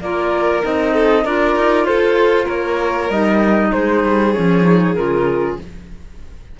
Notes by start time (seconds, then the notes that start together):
0.00 A#3 F4 A#4 D5
0.61 C4 D#4 D#5
0.93 A4
1.24 D4 F4 A#4 D5
1.56 D#4
1.84 F4 A4 C5
2.45 A#3 A#4 C#5
3.09 G3 D#4 D#5
3.72 G#3 G#4 C5
4.04 G3
4.32 F3 C#4 C#5
4.62 D#4
4.94 C#3 F4 A#4